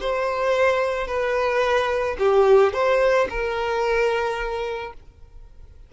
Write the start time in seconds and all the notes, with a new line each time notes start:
0.00 C5
1.07 B4
2.18 G4
2.73 C5
3.29 A#4